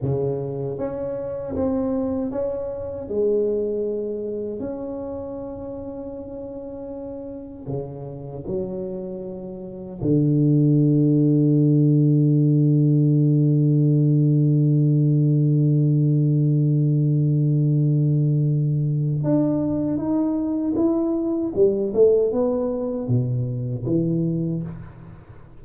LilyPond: \new Staff \with { instrumentName = "tuba" } { \time 4/4 \tempo 4 = 78 cis4 cis'4 c'4 cis'4 | gis2 cis'2~ | cis'2 cis4 fis4~ | fis4 d2.~ |
d1~ | d1~ | d4 d'4 dis'4 e'4 | g8 a8 b4 b,4 e4 | }